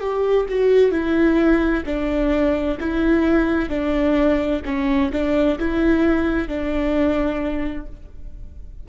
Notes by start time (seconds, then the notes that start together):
0.00 G4
0.49 F#4
0.91 E4
1.86 D4
2.80 E4
3.69 D4
4.65 C#4
5.12 D4
5.59 E4
6.48 D4